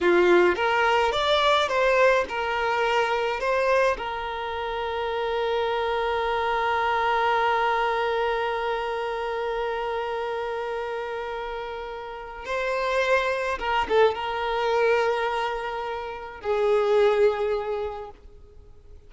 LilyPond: \new Staff \with { instrumentName = "violin" } { \time 4/4 \tempo 4 = 106 f'4 ais'4 d''4 c''4 | ais'2 c''4 ais'4~ | ais'1~ | ais'1~ |
ais'1~ | ais'2 c''2 | ais'8 a'8 ais'2.~ | ais'4 gis'2. | }